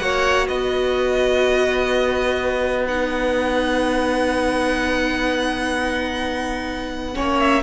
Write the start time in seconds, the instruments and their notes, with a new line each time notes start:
0.00 cello A#3, viola F#4, violin C#5 F#5
0.48 cello B3, violin B4 D#5
2.88 viola D#4, violin F#5
7.15 viola C#4, violin C#5
7.21 cello A#3
7.40 violin E5